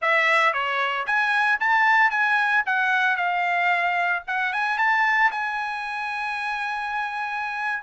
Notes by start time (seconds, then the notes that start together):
0.01 E5
0.53 C#5
1.06 G#5
1.60 A5
2.10 G#5
2.65 F#5
3.16 F5
4.27 F#5
4.53 G#5
4.77 A5
5.31 G#5